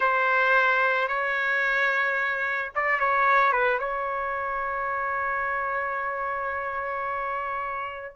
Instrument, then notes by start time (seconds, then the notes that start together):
trumpet
0.00 C5
1.08 C#5
2.75 D5
2.99 C#5
3.52 B4
3.79 C#5